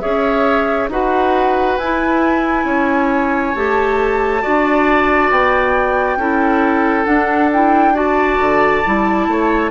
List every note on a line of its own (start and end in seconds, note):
0.00 0.89 C#4
0.00 0.90 G#4
0.00 0.90 C#5
0.00 0.88 E5
0.89 1.77 D#4
0.89 1.79 F#4
0.89 2.66 B4
0.89 1.78 F#5
1.78 2.65 E4
1.78 3.55 E4
1.78 3.55 G#5
2.65 3.53 C#4
2.65 4.42 C#5
3.55 4.44 A3
3.55 4.42 G4
3.55 5.31 A5
4.42 5.31 D4
4.42 6.18 F#4
4.42 6.19 D5
5.31 6.17 B3
5.31 7.06 G5
6.17 7.05 C#4
6.17 7.06 E4
6.17 7.94 A4
7.06 7.50 D4
7.06 8.39 D4
7.06 7.50 F#5
7.53 7.94 E4
7.53 7.96 G5
7.94 8.83 F#4
7.94 9.26 D5
7.94 9.72 A5
8.40 8.84 D3
8.86 9.27 G3
8.86 9.72 E4
9.27 9.72 A3
9.27 9.72 C#5